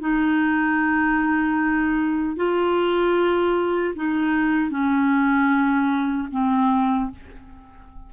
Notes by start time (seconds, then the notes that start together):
0.00 D#4
2.36 F4
3.95 D#4
4.70 C#4
6.31 C4